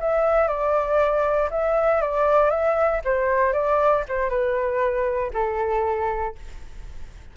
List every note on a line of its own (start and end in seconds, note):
0.00 0.48 E5
0.48 1.49 D5
1.51 2.01 E5
2.01 2.50 D5
2.50 3.01 E5
3.05 3.53 C5
3.53 4.04 D5
4.08 4.29 C5
4.29 5.31 B4
5.33 6.35 A4